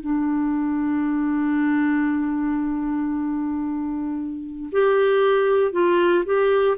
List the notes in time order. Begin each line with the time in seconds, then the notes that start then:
0.00 D4
4.71 G4
5.72 F4
6.25 G4